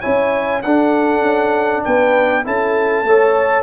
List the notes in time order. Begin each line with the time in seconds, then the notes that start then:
0.00 C#4 E4 C#5 G#5
0.62 D4 A4 F#5
1.22 C#4
1.84 B3 B4 G5
2.44 C#4 E4 A4 A5
3.03 A3 A4 C#5